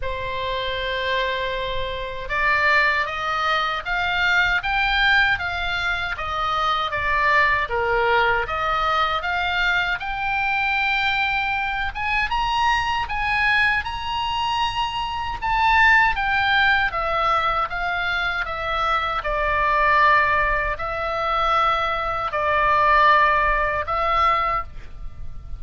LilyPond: \new Staff \with { instrumentName = "oboe" } { \time 4/4 \tempo 4 = 78 c''2. d''4 | dis''4 f''4 g''4 f''4 | dis''4 d''4 ais'4 dis''4 | f''4 g''2~ g''8 gis''8 |
ais''4 gis''4 ais''2 | a''4 g''4 e''4 f''4 | e''4 d''2 e''4~ | e''4 d''2 e''4 | }